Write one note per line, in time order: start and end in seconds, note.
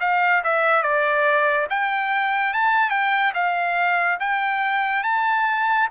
0.00 0.42 F5
0.43 0.82 E5
0.82 1.67 D5
1.69 2.53 G5
2.53 2.90 A5
2.90 3.32 G5
3.34 4.18 F5
4.19 5.03 G5
5.03 5.88 A5